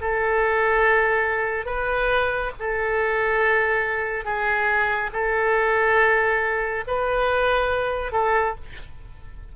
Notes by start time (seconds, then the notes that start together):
0.00 A4
1.65 B4
2.59 A4
4.24 G#4
5.12 A4
6.87 B4
8.12 A4